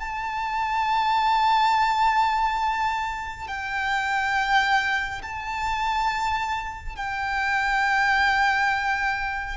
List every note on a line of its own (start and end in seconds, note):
0.00 3.48 A5
3.48 5.22 G5
5.23 6.96 A5
6.96 9.57 G5